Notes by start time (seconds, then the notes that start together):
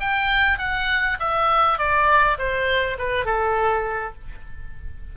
0.00 G5
0.58 F#5
1.19 E5
1.78 D5
2.38 C5
2.98 B4
3.25 A4